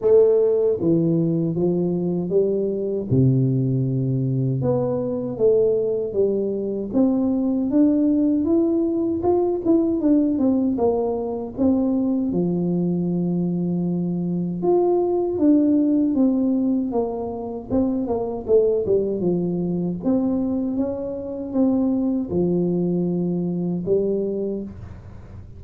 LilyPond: \new Staff \with { instrumentName = "tuba" } { \time 4/4 \tempo 4 = 78 a4 e4 f4 g4 | c2 b4 a4 | g4 c'4 d'4 e'4 | f'8 e'8 d'8 c'8 ais4 c'4 |
f2. f'4 | d'4 c'4 ais4 c'8 ais8 | a8 g8 f4 c'4 cis'4 | c'4 f2 g4 | }